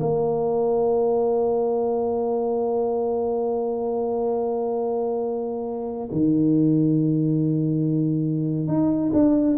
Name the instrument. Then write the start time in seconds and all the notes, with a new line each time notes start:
tuba
0.00 A#3
6.11 D#3
8.68 D#4
9.13 D4